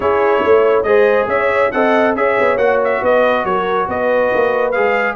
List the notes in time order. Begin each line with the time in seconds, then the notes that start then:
0.00 C#4 E4 G#4 C#5
0.43 A3 C#5
0.83 G#3 G#4 C5 D#5
1.27 C#4 C#5 E5
1.71 C4 A4 D#5 F#5
2.15 C#4 G#4 C#5 E5
2.40 B3
2.57 A#3 F#4 F#5
2.83 E5
3.02 B3 B4 D#5
3.44 F#3 A#4 C#5
3.88 B3 B4 D#5
4.34 A#3
4.71 G#3 G#4 F5